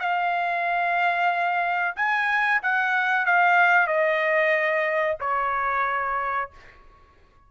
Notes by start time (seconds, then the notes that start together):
0.00 F5
1.97 G#5
2.63 F#5
3.26 F5
3.88 D#5
5.21 C#5